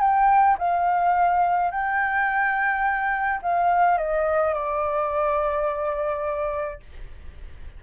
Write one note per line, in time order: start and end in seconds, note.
0.00 0.57 G5
0.58 1.70 F5
1.70 3.40 G5
3.42 3.98 F5
3.98 4.53 D#5
4.53 6.80 D5